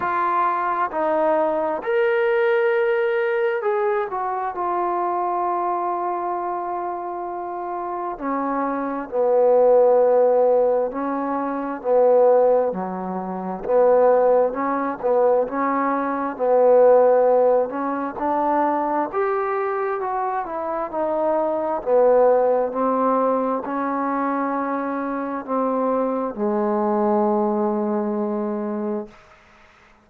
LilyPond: \new Staff \with { instrumentName = "trombone" } { \time 4/4 \tempo 4 = 66 f'4 dis'4 ais'2 | gis'8 fis'8 f'2.~ | f'4 cis'4 b2 | cis'4 b4 fis4 b4 |
cis'8 b8 cis'4 b4. cis'8 | d'4 g'4 fis'8 e'8 dis'4 | b4 c'4 cis'2 | c'4 gis2. | }